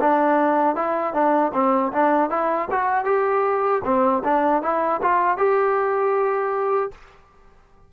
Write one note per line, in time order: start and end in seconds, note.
0.00 0.76 D4
0.76 1.13 E4
1.13 1.52 D4
1.53 1.92 C4
1.92 2.30 D4
2.30 2.68 E4
2.71 3.05 F#4
3.05 3.81 G4
3.84 4.22 C4
4.24 4.62 D4
4.62 5.00 E4
5.02 5.37 F4
5.37 6.91 G4